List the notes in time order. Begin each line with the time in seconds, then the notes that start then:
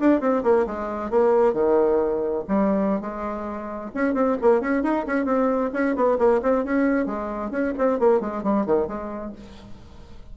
0.00 D4
0.21 C4
0.43 A#3
0.67 G#3
1.11 A#3
1.53 D#3
2.48 G3
3.01 G#3
3.95 C#4
4.14 C4
4.42 A#3
4.61 C#4
4.83 D#4
5.07 C#4
5.25 C4
5.73 C#4
5.96 B3
6.18 A#3
6.43 C4
6.65 C#4
7.06 G#3
7.51 C#4
7.78 C4
7.99 A#3
8.21 G#3
8.44 G3
8.66 D#3
8.87 G#3